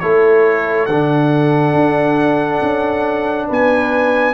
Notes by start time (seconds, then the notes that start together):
0.00 A3 E4 A4 C#5
0.86 D3 D4 F#5
1.74 D4
2.62 C#4
3.48 B3 B4 G#5